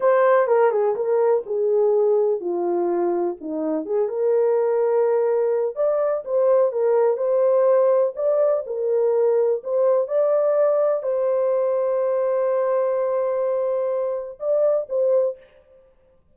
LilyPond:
\new Staff \with { instrumentName = "horn" } { \time 4/4 \tempo 4 = 125 c''4 ais'8 gis'8 ais'4 gis'4~ | gis'4 f'2 dis'4 | gis'8 ais'2.~ ais'8 | d''4 c''4 ais'4 c''4~ |
c''4 d''4 ais'2 | c''4 d''2 c''4~ | c''1~ | c''2 d''4 c''4 | }